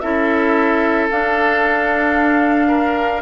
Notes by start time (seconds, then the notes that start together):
0.00 C#4 E4 A4 E5
1.11 D4 F5
2.68 A#4